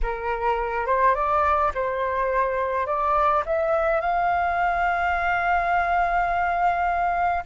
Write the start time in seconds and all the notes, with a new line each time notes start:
0.02 A#4
0.86 C5
1.14 D5
1.74 C5
2.86 D5
3.45 E5
4.00 F5